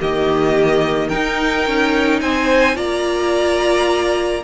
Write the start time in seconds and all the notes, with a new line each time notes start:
0.00 D#3 A#3 G4 D#5
1.09 D#4 A#4 G5
1.67 C#4
2.22 C4 C5 G#5
2.75 A#3 F4 D5 A#5